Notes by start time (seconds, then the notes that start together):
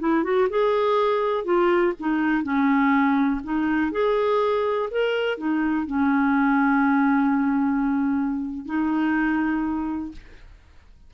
0.00 E4
0.24 F#4
0.50 G#4
1.44 F4
2.00 D#4
2.43 C#4
3.44 D#4
3.92 G#4
4.91 A#4
5.38 D#4
5.86 C#4
8.66 D#4